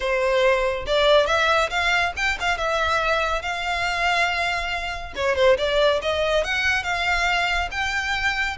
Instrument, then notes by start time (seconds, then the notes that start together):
violin
0.00 C5
0.86 D5
1.26 E5
1.69 F5
2.16 G5
2.40 F5
2.57 E5
3.42 F5
5.15 C#5
5.35 C5
5.57 D5
6.01 D#5
6.44 F#5
6.83 F5
7.71 G5